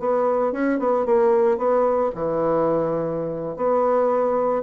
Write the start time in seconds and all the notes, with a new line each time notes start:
0.00 B3
0.53 C#4
0.80 B3
1.06 A#3
1.58 B3
2.15 E3
3.57 B3